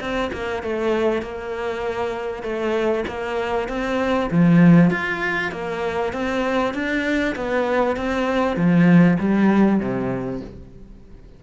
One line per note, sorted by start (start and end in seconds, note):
0.00 0.31 C4
0.33 0.63 A#3
0.63 1.22 A3
1.22 2.42 A#3
2.42 3.04 A3
3.08 3.68 A#3
3.68 4.29 C4
4.31 4.90 F3
4.90 5.52 F4
5.52 6.13 A#3
6.13 6.74 C4
6.74 7.35 D4
7.35 7.96 B3
7.96 8.56 C4
8.56 9.17 F3
9.19 9.79 G3
9.79 10.41 C3